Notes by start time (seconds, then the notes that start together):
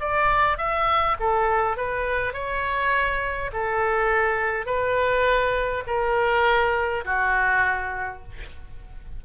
0.00 D5
0.57 E5
1.20 A4
1.76 B4
2.33 C#5
3.52 A4
4.66 B4
5.87 A#4
7.05 F#4